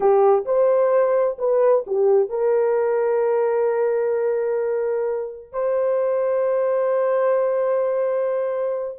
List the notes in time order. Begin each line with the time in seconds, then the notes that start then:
0.00 G4
0.45 C5
1.38 B4
1.86 G4
2.29 A#4
5.52 C5